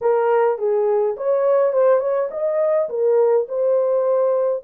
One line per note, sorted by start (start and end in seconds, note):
0.01 0.58 A#4
0.58 1.16 G#4
1.16 1.73 C#5
1.73 2.00 C5
2.00 2.28 C#5
2.31 2.88 D#5
2.89 3.46 A#4
3.48 4.63 C5